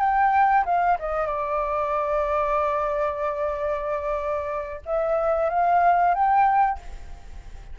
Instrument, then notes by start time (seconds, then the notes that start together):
flute
0.00 G5
0.65 F5
0.99 D#5
1.27 D5
4.86 E5
5.50 F5
6.15 G5